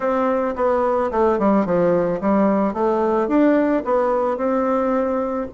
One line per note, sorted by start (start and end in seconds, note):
0.00 0.55 C4
0.55 1.10 B3
1.11 1.38 A3
1.39 1.65 G3
1.65 2.20 F3
2.20 2.73 G3
2.73 3.28 A3
3.28 3.83 D4
3.84 4.37 B3
4.37 5.47 C4